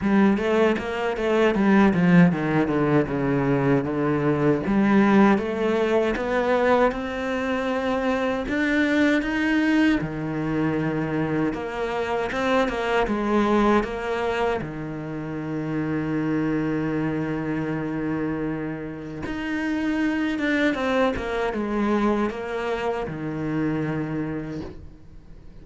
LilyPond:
\new Staff \with { instrumentName = "cello" } { \time 4/4 \tempo 4 = 78 g8 a8 ais8 a8 g8 f8 dis8 d8 | cis4 d4 g4 a4 | b4 c'2 d'4 | dis'4 dis2 ais4 |
c'8 ais8 gis4 ais4 dis4~ | dis1~ | dis4 dis'4. d'8 c'8 ais8 | gis4 ais4 dis2 | }